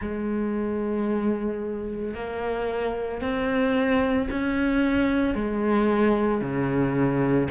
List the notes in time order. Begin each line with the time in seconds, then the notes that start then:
0.00 G#3
2.14 A#3
3.21 C4
4.30 C#4
5.35 G#3
6.40 C#3